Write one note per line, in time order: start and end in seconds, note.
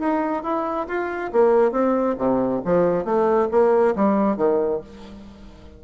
0.00 0.44 D#4
0.44 0.87 E4
0.88 1.32 F4
1.33 1.72 A#3
1.72 2.16 C4
2.18 2.62 C3
2.65 3.05 F3
3.05 3.49 A3
3.52 3.95 A#3
3.96 4.38 G3
4.38 4.81 D#3